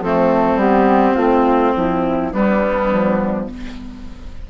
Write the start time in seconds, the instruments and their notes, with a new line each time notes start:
0.00 bassoon F3, clarinet A3, oboe C4, flute A4
0.56 bassoon G3, clarinet B3, flute G4
1.15 bassoon A3, clarinet C4, flute F4
1.76 bassoon F3, flute E4
2.32 bassoon G3, clarinet G3, oboe B3, flute D4
2.92 bassoon F3